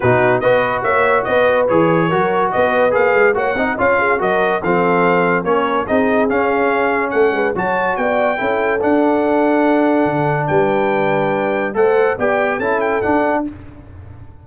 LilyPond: <<
  \new Staff \with { instrumentName = "trumpet" } { \time 4/4 \tempo 4 = 143 b'4 dis''4 e''4 dis''4 | cis''2 dis''4 f''4 | fis''4 f''4 dis''4 f''4~ | f''4 cis''4 dis''4 f''4~ |
f''4 fis''4 a''4 g''4~ | g''4 fis''2.~ | fis''4 g''2. | fis''4 g''4 a''8 g''8 fis''4 | }
  \new Staff \with { instrumentName = "horn" } { \time 4/4 fis'4 b'4 cis''4 b'4~ | b'4 ais'4 b'2 | cis''8 dis''8 cis''8 gis'8 ais'4 a'4~ | a'4 ais'4 gis'2~ |
gis'4 a'8 b'8 cis''4 d''4 | a'1~ | a'4 b'2. | c''4 d''4 a'2 | }
  \new Staff \with { instrumentName = "trombone" } { \time 4/4 dis'4 fis'2. | gis'4 fis'2 gis'4 | fis'8 dis'8 f'4 fis'4 c'4~ | c'4 cis'4 dis'4 cis'4~ |
cis'2 fis'2 | e'4 d'2.~ | d'1 | a'4 g'4 e'4 d'4 | }
  \new Staff \with { instrumentName = "tuba" } { \time 4/4 b,4 b4 ais4 b4 | e4 fis4 b4 ais8 gis8 | ais8 c'8 cis'4 fis4 f4~ | f4 ais4 c'4 cis'4~ |
cis'4 a8 gis8 fis4 b4 | cis'4 d'2. | d4 g2. | a4 b4 cis'4 d'4 | }
>>